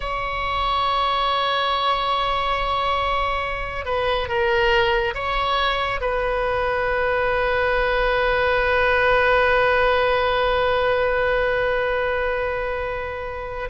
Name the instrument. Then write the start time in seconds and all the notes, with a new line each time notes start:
oboe
0.00 C#5
3.85 B4
4.28 A#4
5.14 C#5
6.00 B4